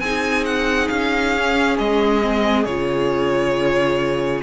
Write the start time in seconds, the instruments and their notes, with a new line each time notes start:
0.00 cello C4, viola D#4, violin G#4 G#5
0.46 violin F#5
0.89 cello C#4, violin F5
1.37 viola C#4
1.78 cello G#3, violin D#5
2.22 viola C4
2.65 cello C#3, viola F4, violin C#5